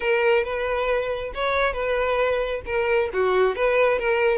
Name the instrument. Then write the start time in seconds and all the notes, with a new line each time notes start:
violin
0.00 A#4
0.44 B4
1.34 C#5
1.73 B4
2.65 A#4
3.13 F#4
3.55 B4
3.98 A#4